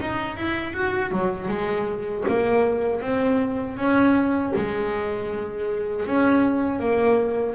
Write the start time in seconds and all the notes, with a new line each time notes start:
0.00 D#4
0.37 E4
0.73 F#4
1.11 F#3
1.48 G#3
2.28 A#3
3.01 C4
3.77 C#4
4.56 G#3
6.06 C#4
6.79 A#3